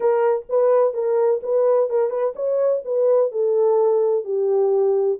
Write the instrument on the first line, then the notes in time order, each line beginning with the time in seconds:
horn
0.00 A#4
0.49 B4
0.93 A#4
1.42 B4
1.89 A#4
2.10 B4
2.35 C#5
2.85 B4
3.31 A4
4.24 G4